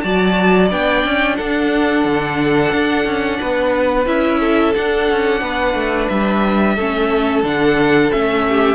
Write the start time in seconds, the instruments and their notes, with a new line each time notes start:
0.00 cello F#3, viola F#4, violin D5 A5
0.70 cello B3, viola D4, violin G5
1.04 cello C#4
1.36 cello D4, violin A4 F#5
2.04 cello D3
2.72 cello D4
3.05 cello C#4
3.39 cello B3, violin B4
4.05 cello C#4, viola E4, violin E5
4.40 violin A4
4.74 viola D4, cello D4, violin F#5
5.11 cello C#4
5.41 cello B3, violin B4
5.74 cello A3
6.08 cello G3, violin E5
6.75 cello A3, viola C#4, violin A4
7.43 cello D3, viola D4, violin F#5
8.11 cello A3, viola C#4, violin E5
8.48 violin G4